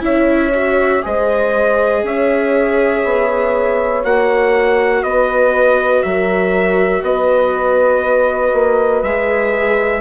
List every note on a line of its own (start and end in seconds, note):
0.00 1.01 C#4
0.00 0.50 E4
0.00 1.03 C#5
0.00 1.04 E5
0.54 1.02 F#4
1.02 2.03 G#3
1.02 4.02 G#4
1.02 2.05 C5
1.02 2.05 D#5
2.03 3.03 C#4
2.03 5.05 C#5
2.03 4.04 E5
3.04 4.04 B3
4.03 5.03 A#3
4.03 9.03 F#4
4.03 5.03 F#5
5.03 6.03 B3
5.03 6.05 B4
5.03 6.03 D#5
6.03 7.02 F#3
6.03 7.04 A#4
6.03 7.02 E5
7.02 8.52 B3
7.02 10.00 B4
7.02 9.03 D#5
8.53 9.03 A#3
9.03 10.00 G#3
9.03 10.00 G#4
9.03 10.00 E5